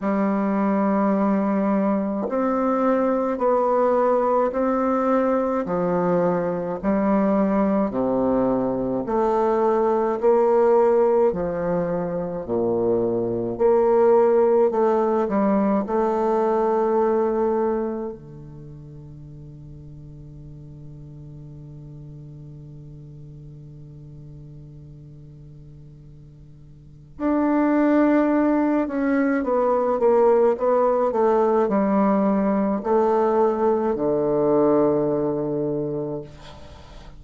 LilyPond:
\new Staff \with { instrumentName = "bassoon" } { \time 4/4 \tempo 4 = 53 g2 c'4 b4 | c'4 f4 g4 c4 | a4 ais4 f4 ais,4 | ais4 a8 g8 a2 |
d1~ | d1 | d'4. cis'8 b8 ais8 b8 a8 | g4 a4 d2 | }